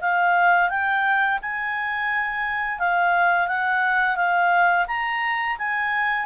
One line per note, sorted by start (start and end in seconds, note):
0.00 0.69 F5
0.69 1.39 G5
1.41 2.78 G#5
2.78 3.47 F5
3.47 4.16 F#5
4.16 4.86 F5
4.87 5.57 A#5
5.58 6.25 G#5